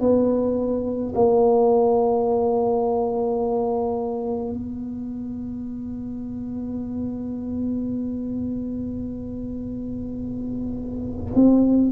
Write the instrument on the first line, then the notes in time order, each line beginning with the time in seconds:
tuba
0.00 B3
1.15 A#3
4.53 B3
11.35 C4